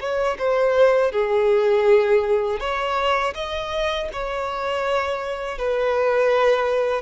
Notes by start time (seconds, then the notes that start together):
0.00 C#5
0.38 C5
1.11 G#4
2.60 C#5
3.34 D#5
4.12 C#5
5.58 B4